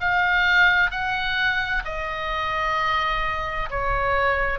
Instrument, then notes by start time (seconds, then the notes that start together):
oboe
0.00 F5
0.91 F#5
1.85 D#5
3.70 C#5